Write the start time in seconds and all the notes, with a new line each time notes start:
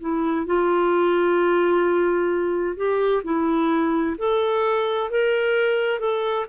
0.00 E4
0.46 F4
2.76 G4
3.24 E4
4.17 A4
5.10 A#4
5.99 A4